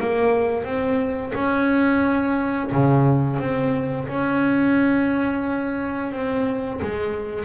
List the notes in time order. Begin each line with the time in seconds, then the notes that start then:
0.00 A#3
0.65 C4
1.35 C#4
2.72 C#3
3.40 C4
4.08 C#4
6.12 C4
6.82 G#3